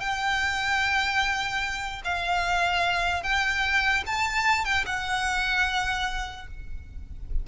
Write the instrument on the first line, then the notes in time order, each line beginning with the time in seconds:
violin
0.00 G5
2.04 F5
3.23 G5
4.06 A5
4.65 G5
4.86 F#5